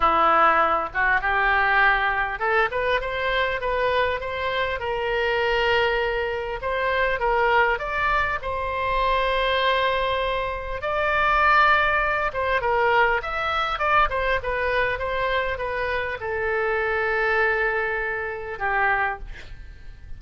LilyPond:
\new Staff \with { instrumentName = "oboe" } { \time 4/4 \tempo 4 = 100 e'4. fis'8 g'2 | a'8 b'8 c''4 b'4 c''4 | ais'2. c''4 | ais'4 d''4 c''2~ |
c''2 d''2~ | d''8 c''8 ais'4 e''4 d''8 c''8 | b'4 c''4 b'4 a'4~ | a'2. g'4 | }